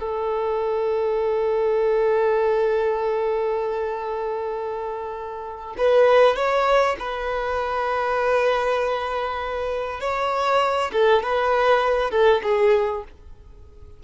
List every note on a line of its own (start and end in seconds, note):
0.00 5.76 A4
5.78 6.36 B4
6.36 6.97 C#5
6.99 10.00 B4
10.00 10.91 C#5
10.93 11.23 A4
11.23 12.11 B4
12.11 12.41 A4
12.43 13.04 G#4